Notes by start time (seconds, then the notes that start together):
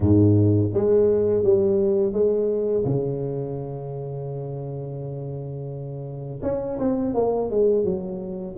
0.00 G#2
0.73 G#3
1.43 G3
2.12 G#3
2.84 C#3
6.42 C#4
6.79 C4
7.14 A#3
7.50 G#3
7.84 F#3